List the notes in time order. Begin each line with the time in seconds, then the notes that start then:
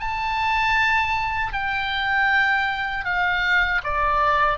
0.00 A5
1.53 G5
3.05 F5
3.84 D5